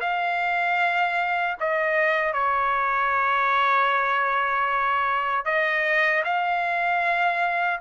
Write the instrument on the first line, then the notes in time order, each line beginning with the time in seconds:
trumpet
0.00 F5
1.59 D#5
2.33 C#5
5.45 D#5
6.24 F5